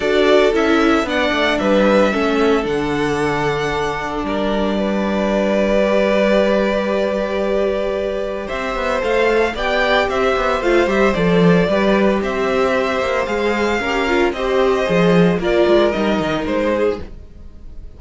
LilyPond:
<<
  \new Staff \with { instrumentName = "violin" } { \time 4/4 \tempo 4 = 113 d''4 e''4 fis''4 e''4~ | e''4 fis''2. | d''1~ | d''1 |
e''4 f''4 g''4 e''4 | f''8 e''8 d''2 e''4~ | e''4 f''2 dis''4~ | dis''4 d''4 dis''4 c''4 | }
  \new Staff \with { instrumentName = "violin" } { \time 4/4 a'2 d''4 b'4 | a'1 | ais'4 b'2.~ | b'1 |
c''2 d''4 c''4~ | c''2 b'4 c''4~ | c''2 ais'4 c''4~ | c''4 ais'2~ ais'8 gis'8 | }
  \new Staff \with { instrumentName = "viola" } { \time 4/4 fis'4 e'4 d'2 | cis'4 d'2.~ | d'2. g'4~ | g'1~ |
g'4 a'4 g'2 | f'8 g'8 a'4 g'2~ | g'4 gis'4 g'8 f'8 g'4 | gis'4 f'4 dis'2 | }
  \new Staff \with { instrumentName = "cello" } { \time 4/4 d'4 cis'4 b8 a8 g4 | a4 d2. | g1~ | g1 |
c'8 b8 a4 b4 c'8 b8 | a8 g8 f4 g4 c'4~ | c'8 ais8 gis4 cis'4 c'4 | f4 ais8 gis8 g8 dis8 gis4 | }
>>